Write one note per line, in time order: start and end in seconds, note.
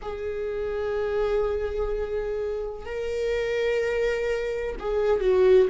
0.02 2.85 G#4
2.85 4.76 A#4
4.79 5.20 G#4
5.20 5.68 F#4